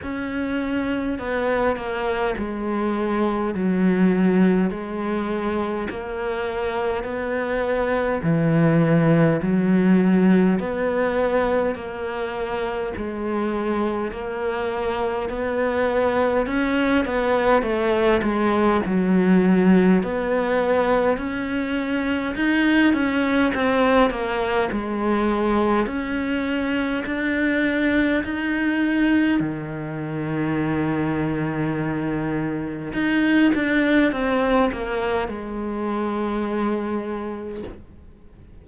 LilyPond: \new Staff \with { instrumentName = "cello" } { \time 4/4 \tempo 4 = 51 cis'4 b8 ais8 gis4 fis4 | gis4 ais4 b4 e4 | fis4 b4 ais4 gis4 | ais4 b4 cis'8 b8 a8 gis8 |
fis4 b4 cis'4 dis'8 cis'8 | c'8 ais8 gis4 cis'4 d'4 | dis'4 dis2. | dis'8 d'8 c'8 ais8 gis2 | }